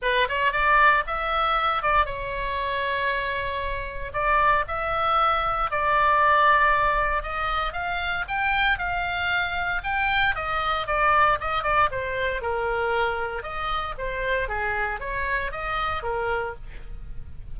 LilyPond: \new Staff \with { instrumentName = "oboe" } { \time 4/4 \tempo 4 = 116 b'8 cis''8 d''4 e''4. d''8 | cis''1 | d''4 e''2 d''4~ | d''2 dis''4 f''4 |
g''4 f''2 g''4 | dis''4 d''4 dis''8 d''8 c''4 | ais'2 dis''4 c''4 | gis'4 cis''4 dis''4 ais'4 | }